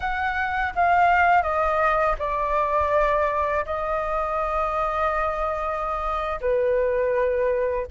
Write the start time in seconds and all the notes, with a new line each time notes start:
0.00 F#5
0.75 F5
1.42 D#5
2.19 D5
3.66 D#5
6.40 B4